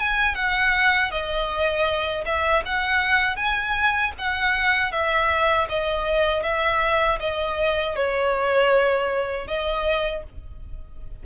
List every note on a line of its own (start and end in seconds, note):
0.00 0.36 G#5
0.36 1.11 F#5
1.11 2.25 D#5
2.26 2.64 E5
2.66 3.37 F#5
3.37 4.13 G#5
4.19 4.92 F#5
4.92 5.68 E5
5.70 6.43 D#5
6.43 7.19 E5
7.20 7.96 D#5
7.96 9.48 C#5
9.48 10.24 D#5